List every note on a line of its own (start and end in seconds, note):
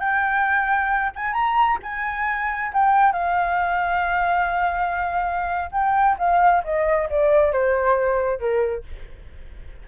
0.00 1.12 G5
1.16 1.34 G#5
1.34 1.78 A#5
1.83 2.73 G#5
2.73 3.12 G5
3.12 5.70 F5
5.72 6.17 G5
6.19 6.63 F5
6.64 7.09 D#5
7.09 7.52 D5
7.52 8.39 C5
8.39 8.84 A#4